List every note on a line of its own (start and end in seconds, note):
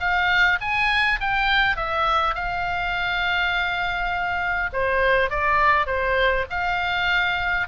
0.00 0.59 F5
0.61 1.20 G#5
1.20 1.76 G5
1.76 2.35 E5
2.35 4.70 F5
4.73 5.30 C5
5.30 5.86 D5
5.86 6.45 C5
6.50 7.68 F5